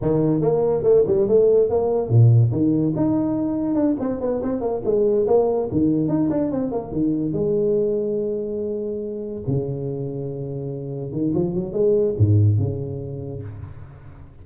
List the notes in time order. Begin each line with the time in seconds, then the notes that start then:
0.01 D#3
0.41 A#3
0.83 A3
1.07 G3
1.28 A3
1.69 A#3
2.09 A#2
2.51 D#3
2.95 D#4
3.74 D4
3.99 C4
4.21 B3
4.42 C4
4.60 A#3
4.85 G#3
5.27 A#3
5.71 D#3
6.08 D#4
6.30 D4
6.51 C4
6.71 A#3
6.92 D#3
7.32 G#3
9.47 C#3
11.12 D#3
11.34 F3
11.54 F#3
11.73 G#3
12.18 G#2
12.58 C#3